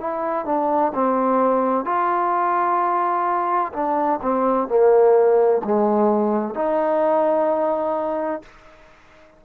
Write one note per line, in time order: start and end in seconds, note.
0.00 0.46 E4
0.46 0.92 D4
0.95 1.85 C4
1.85 3.72 F4
3.73 4.20 D4
4.22 4.69 C4
4.69 5.62 A#3
5.65 6.55 G#3
6.55 8.42 D#4